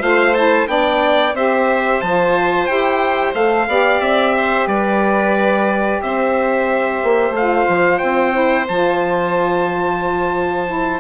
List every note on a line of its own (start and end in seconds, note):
0.00 0.67 A3
0.00 0.33 F4
0.00 0.68 C5
0.00 0.34 F5
0.34 0.67 E4
0.34 0.68 A5
0.67 1.34 B3
0.67 1.33 D4
0.67 1.35 D5
0.67 1.35 G5
1.34 2.01 C4
1.34 2.02 G4
1.34 3.68 C5
1.34 2.01 E5
2.01 2.69 F3
2.01 2.68 F4
2.01 2.66 A5
2.66 3.34 E4
2.66 3.34 G4
2.66 3.33 G5
3.34 3.68 A3
3.34 3.67 A4
3.34 4.01 F5
3.68 4.00 B3
3.68 7.35 G4
3.68 4.36 D5
4.00 4.67 C4
4.00 4.68 E5
4.36 4.68 C5
4.67 6.00 G3
4.67 6.01 B4
4.67 6.01 D5
6.02 7.03 C4
6.02 11.00 C5
6.02 7.35 E5
7.03 7.30 A#3
7.30 7.64 A3
7.30 7.99 F5
7.37 8.32 F4
7.69 8.02 F3
7.99 8.69 C4
7.99 8.66 G5
8.32 8.66 E4
8.68 11.00 F3
8.68 10.67 F4
8.68 11.00 A5
10.67 11.00 E4